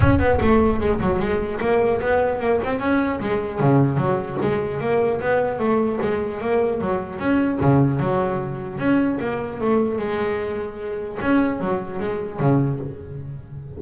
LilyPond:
\new Staff \with { instrumentName = "double bass" } { \time 4/4 \tempo 4 = 150 cis'8 b8 a4 gis8 fis8 gis4 | ais4 b4 ais8 c'8 cis'4 | gis4 cis4 fis4 gis4 | ais4 b4 a4 gis4 |
ais4 fis4 cis'4 cis4 | fis2 cis'4 ais4 | a4 gis2. | cis'4 fis4 gis4 cis4 | }